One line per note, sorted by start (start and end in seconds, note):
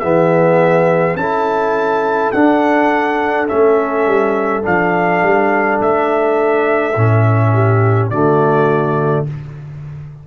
0.00 1.15 E3
0.00 1.19 B3
0.00 1.17 G#4
0.00 1.15 E5
1.15 2.31 C#4
1.15 2.34 E4
1.15 7.53 A4
1.15 2.32 A5
2.32 3.49 D4
2.32 3.48 D4
2.32 3.47 F#5
3.48 4.06 A3
3.48 4.63 C#4
3.48 4.63 E5
4.06 4.64 G3
4.63 5.22 F3
4.63 6.94 D4
4.63 5.81 F5
5.22 5.80 G3
5.80 6.96 A3
5.80 8.10 E5
6.96 8.11 A2
6.96 8.12 C#4
7.53 8.10 G4
8.10 9.26 D3
8.10 9.27 A3
8.10 9.26 F#4
8.10 9.25 D5